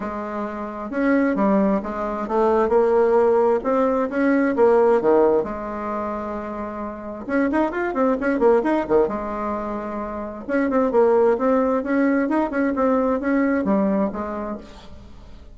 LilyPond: \new Staff \with { instrumentName = "bassoon" } { \time 4/4 \tempo 4 = 132 gis2 cis'4 g4 | gis4 a4 ais2 | c'4 cis'4 ais4 dis4 | gis1 |
cis'8 dis'8 f'8 c'8 cis'8 ais8 dis'8 dis8 | gis2. cis'8 c'8 | ais4 c'4 cis'4 dis'8 cis'8 | c'4 cis'4 g4 gis4 | }